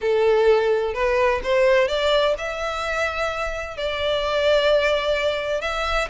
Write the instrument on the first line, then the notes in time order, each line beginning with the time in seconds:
violin
0.01 A4
0.94 B4
1.43 C5
1.87 D5
2.38 E5
3.77 D5
5.61 E5